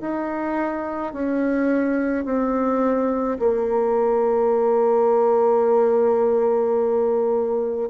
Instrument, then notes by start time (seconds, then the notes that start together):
bassoon
0.00 D#4
1.13 C#4
2.25 C4
3.39 A#3